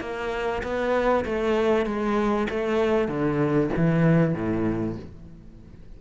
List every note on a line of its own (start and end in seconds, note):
0.00 0.62 A#3
0.63 1.25 B3
1.25 1.86 A3
1.86 2.47 G#3
2.49 3.08 A3
3.08 3.70 D3
3.76 4.34 E3
4.34 4.96 A2